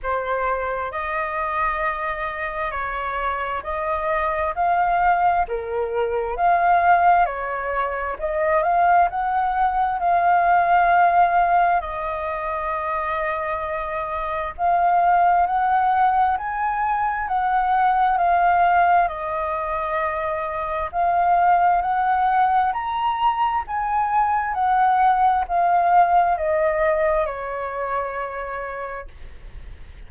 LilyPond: \new Staff \with { instrumentName = "flute" } { \time 4/4 \tempo 4 = 66 c''4 dis''2 cis''4 | dis''4 f''4 ais'4 f''4 | cis''4 dis''8 f''8 fis''4 f''4~ | f''4 dis''2. |
f''4 fis''4 gis''4 fis''4 | f''4 dis''2 f''4 | fis''4 ais''4 gis''4 fis''4 | f''4 dis''4 cis''2 | }